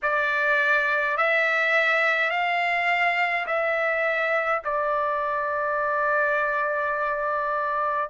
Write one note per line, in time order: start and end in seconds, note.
0.02 1.17 D5
1.17 2.30 E5
2.30 3.46 F5
3.46 4.62 E5
4.64 8.09 D5